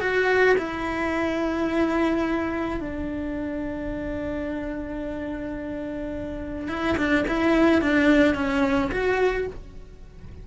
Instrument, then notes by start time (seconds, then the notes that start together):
cello
0.00 F#4
0.58 E4
2.80 D4
6.68 E4
6.97 D4
7.28 E4
7.81 D4
8.35 C#4
8.91 F#4